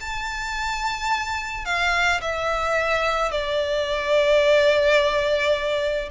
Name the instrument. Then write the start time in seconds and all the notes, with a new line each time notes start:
violin
0.00 A5
1.65 F5
2.21 E5
3.31 D5